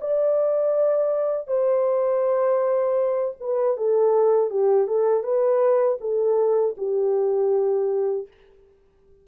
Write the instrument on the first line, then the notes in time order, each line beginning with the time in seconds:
horn
0.00 D5
1.47 C5
3.40 B4
3.77 A4
4.50 G4
4.87 A4
5.23 B4
6.00 A4
6.77 G4